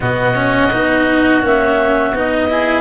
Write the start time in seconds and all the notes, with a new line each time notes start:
0.00 B2 B3 F#4 D#5
0.34 C#4
0.72 B3 D#4
1.42 A#3 C#4 E5
2.13 B3 D#4 D#5
2.49 E4 G#4